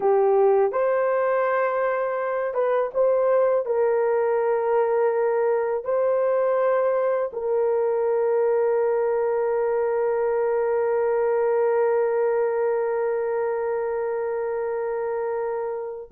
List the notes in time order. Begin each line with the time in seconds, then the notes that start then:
0.00 G4
0.72 C5
2.54 B4
2.94 C5
3.66 A#4
5.84 C5
7.32 A#4